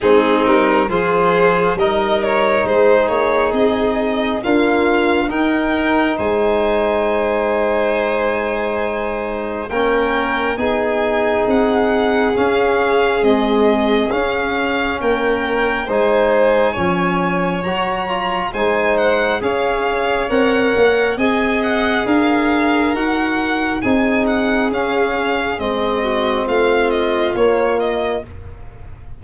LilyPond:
<<
  \new Staff \with { instrumentName = "violin" } { \time 4/4 \tempo 4 = 68 gis'8 ais'8 c''4 dis''8 cis''8 c''8 cis''8 | dis''4 f''4 g''4 gis''4~ | gis''2. g''4 | gis''4 fis''4 f''4 dis''4 |
f''4 g''4 gis''2 | ais''4 gis''8 fis''8 f''4 fis''4 | gis''8 fis''8 f''4 fis''4 gis''8 fis''8 | f''4 dis''4 f''8 dis''8 cis''8 dis''8 | }
  \new Staff \with { instrumentName = "violin" } { \time 4/4 dis'4 gis'4 ais'4 gis'4~ | gis'4 f'4 ais'4 c''4~ | c''2. ais'4 | gis'1~ |
gis'4 ais'4 c''4 cis''4~ | cis''4 c''4 cis''2 | dis''4 ais'2 gis'4~ | gis'4. fis'8 f'2 | }
  \new Staff \with { instrumentName = "trombone" } { \time 4/4 c'4 f'4 dis'2~ | dis'4 ais4 dis'2~ | dis'2. cis'4 | dis'2 cis'4 gis4 |
cis'2 dis'4 cis'4 | fis'8 f'8 dis'4 gis'4 ais'4 | gis'2 fis'4 dis'4 | cis'4 c'2 ais4 | }
  \new Staff \with { instrumentName = "tuba" } { \time 4/4 gis8 g8 f4 g4 gis8 ais8 | c'4 d'4 dis'4 gis4~ | gis2. ais4 | b4 c'4 cis'4 c'4 |
cis'4 ais4 gis4 f4 | fis4 gis4 cis'4 c'8 ais8 | c'4 d'4 dis'4 c'4 | cis'4 gis4 a4 ais4 | }
>>